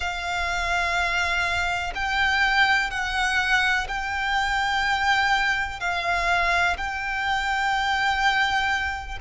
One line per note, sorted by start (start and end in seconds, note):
0.00 1.93 F5
1.94 2.90 G5
2.90 3.87 F#5
3.88 5.79 G5
5.79 6.76 F5
6.77 9.18 G5